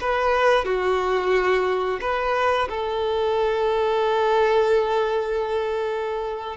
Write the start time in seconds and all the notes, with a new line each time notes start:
0.00 B4
0.64 F#4
2.01 B4
2.69 A4